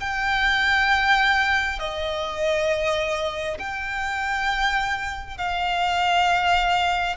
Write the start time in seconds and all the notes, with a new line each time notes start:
0.00 G5
1.79 D#5
3.58 G5
5.37 F5